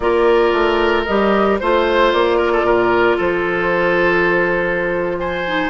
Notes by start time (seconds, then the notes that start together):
0.00 A#3 F4 A#4 D5
0.52 A3
1.04 G3 G4 D#5
1.59 A3 F4 C5
2.12 A#3 D5
2.37 A#4
2.52 A4
2.63 A#2 A#4
3.17 F3 A4 C5
5.19 C5 G#5
5.46 D#4